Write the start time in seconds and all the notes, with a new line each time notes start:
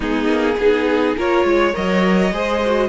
0.00 G#3 B3 D#4 G#4
0.27 A#3
0.57 B3 D#4 G#4
1.17 A#3 F4 A#4 C#5
1.44 G#3 C#5
1.72 F#3 A#4 D#5
2.31 G#3 G#4 C5
2.65 F#4